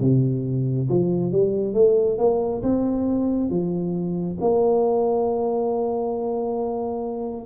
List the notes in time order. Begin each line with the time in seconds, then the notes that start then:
0.00 C3
0.89 F3
1.32 G3
1.74 A3
2.18 A#3
2.63 C4
3.49 F3
4.40 A#3